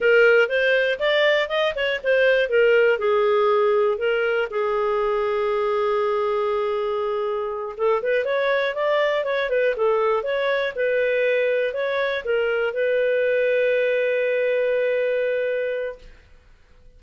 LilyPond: \new Staff \with { instrumentName = "clarinet" } { \time 4/4 \tempo 4 = 120 ais'4 c''4 d''4 dis''8 cis''8 | c''4 ais'4 gis'2 | ais'4 gis'2.~ | gis'2.~ gis'8 a'8 |
b'8 cis''4 d''4 cis''8 b'8 a'8~ | a'8 cis''4 b'2 cis''8~ | cis''8 ais'4 b'2~ b'8~ | b'1 | }